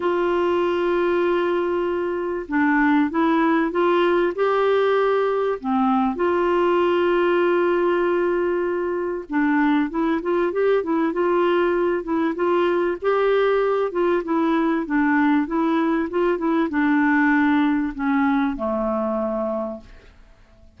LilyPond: \new Staff \with { instrumentName = "clarinet" } { \time 4/4 \tempo 4 = 97 f'1 | d'4 e'4 f'4 g'4~ | g'4 c'4 f'2~ | f'2. d'4 |
e'8 f'8 g'8 e'8 f'4. e'8 | f'4 g'4. f'8 e'4 | d'4 e'4 f'8 e'8 d'4~ | d'4 cis'4 a2 | }